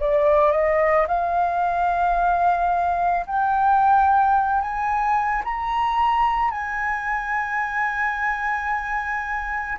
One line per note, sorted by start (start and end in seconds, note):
0.00 0.52 D5
0.52 1.07 D#5
1.08 3.26 F5
3.27 4.62 G5
4.62 5.43 G#5
5.44 6.51 A#5
6.51 9.78 G#5